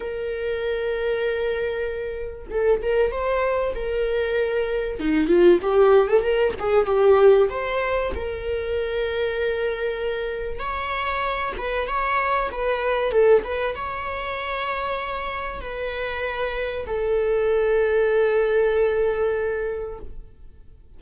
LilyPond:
\new Staff \with { instrumentName = "viola" } { \time 4/4 \tempo 4 = 96 ais'1 | a'8 ais'8 c''4 ais'2 | dis'8 f'8 g'8. a'16 ais'8 gis'8 g'4 | c''4 ais'2.~ |
ais'4 cis''4. b'8 cis''4 | b'4 a'8 b'8 cis''2~ | cis''4 b'2 a'4~ | a'1 | }